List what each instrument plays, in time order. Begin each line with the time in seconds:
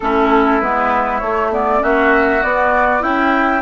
0.00 bassoon A3, clarinet C#4, oboe E4, flute A4
0.60 bassoon G#3, clarinet B3, flute B4
1.19 bassoon A3, clarinet A3, flute C#5
1.52 clarinet B3, flute D5
1.79 bassoon A#3, clarinet C#4, oboe F#4, flute E5
2.42 clarinet B3, bassoon B3, flute D5
2.99 bassoon C#4, clarinet E4, oboe E4, flute G5